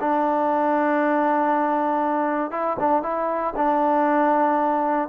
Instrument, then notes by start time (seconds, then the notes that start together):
trombone
0.00 D4
2.51 E4
2.79 D4
3.03 E4
3.56 D4